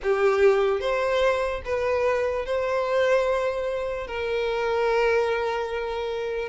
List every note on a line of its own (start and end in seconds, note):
0.03 0.80 G4
0.80 1.61 C5
1.64 2.45 B4
2.45 4.07 C5
4.07 6.48 A#4